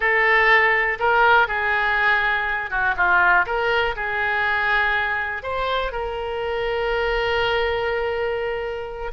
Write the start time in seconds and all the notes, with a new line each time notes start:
0.00 A4
0.99 A#4
1.47 G#4
2.70 F#4
2.96 F4
3.46 A#4
3.96 G#4
5.42 C5
5.92 A#4